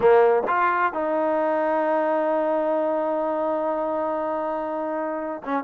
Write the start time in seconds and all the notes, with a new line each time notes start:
0.00 A#3
0.47 F4
0.93 D#4
5.44 C#4